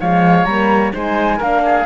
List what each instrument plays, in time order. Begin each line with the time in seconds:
0.00 cello F3, horn G#3, oboe C#5, flute F5
0.44 cello G3, horn A#3, flute A#5
0.92 cello G#3, horn D#4, oboe C5, flute G#5
1.37 cello A#3, horn D4, oboe A#4, flute F5
1.65 oboe G#4